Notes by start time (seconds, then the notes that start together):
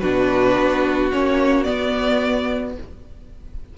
0.00 B2 D4 F#4 B4
0.58 B3
1.12 A#3 C#4 C#5
1.64 B3 D5